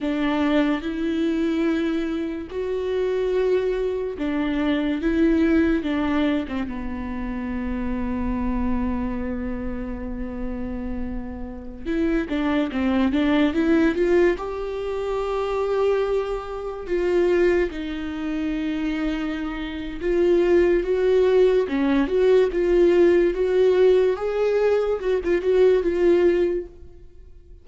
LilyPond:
\new Staff \with { instrumentName = "viola" } { \time 4/4 \tempo 4 = 72 d'4 e'2 fis'4~ | fis'4 d'4 e'4 d'8. c'16 | b1~ | b2~ b16 e'8 d'8 c'8 d'16~ |
d'16 e'8 f'8 g'2~ g'8.~ | g'16 f'4 dis'2~ dis'8. | f'4 fis'4 cis'8 fis'8 f'4 | fis'4 gis'4 fis'16 f'16 fis'8 f'4 | }